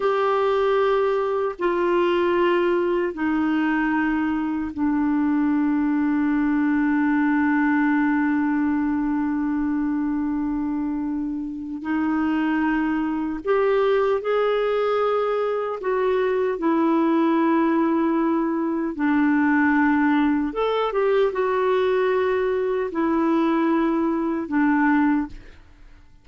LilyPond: \new Staff \with { instrumentName = "clarinet" } { \time 4/4 \tempo 4 = 76 g'2 f'2 | dis'2 d'2~ | d'1~ | d'2. dis'4~ |
dis'4 g'4 gis'2 | fis'4 e'2. | d'2 a'8 g'8 fis'4~ | fis'4 e'2 d'4 | }